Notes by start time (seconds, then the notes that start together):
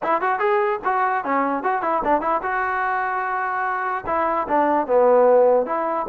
0.02 E4
0.21 F#4
0.39 G#4
0.84 F#4
1.24 C#4
1.63 F#4
1.82 E4
2.04 D4
2.21 E4
2.42 F#4
4.06 E4
4.48 D4
4.86 B3
5.66 E4